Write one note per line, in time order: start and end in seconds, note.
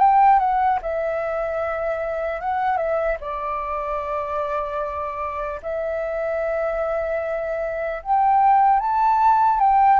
0.00 0.39 G5
0.39 0.79 F#5
0.82 2.41 E5
2.41 2.77 F#5
2.77 3.17 E5
3.21 5.61 D5
5.63 8.03 E5
8.03 8.80 G5
8.80 9.60 A5
9.60 10.00 G5